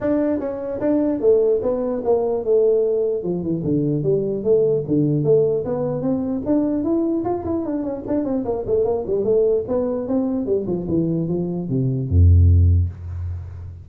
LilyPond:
\new Staff \with { instrumentName = "tuba" } { \time 4/4 \tempo 4 = 149 d'4 cis'4 d'4 a4 | b4 ais4 a2 | f8 e8 d4 g4 a4 | d4 a4 b4 c'4 |
d'4 e'4 f'8 e'8 d'8 cis'8 | d'8 c'8 ais8 a8 ais8 g8 a4 | b4 c'4 g8 f8 e4 | f4 c4 f,2 | }